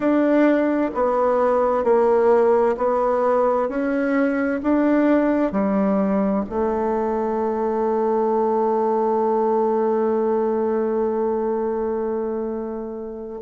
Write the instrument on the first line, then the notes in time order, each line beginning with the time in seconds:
bassoon
0.00 D4
0.94 B3
1.83 A#3
2.77 B3
3.68 C#4
4.62 D4
5.52 G3
6.49 A3